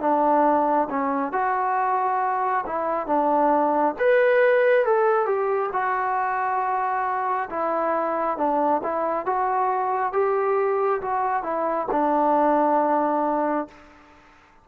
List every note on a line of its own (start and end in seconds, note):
0.00 0.88 D4
0.90 1.32 C#4
1.32 2.65 F#4
2.66 3.06 E4
3.06 3.95 D4
3.99 4.85 B4
4.85 5.26 A4
5.26 5.70 G4
5.72 7.49 F#4
7.50 8.37 E4
8.37 8.82 D4
8.83 9.26 E4
9.26 10.13 F#4
10.13 11.01 G4
11.01 11.43 F#4
11.43 11.87 E4
11.91 13.68 D4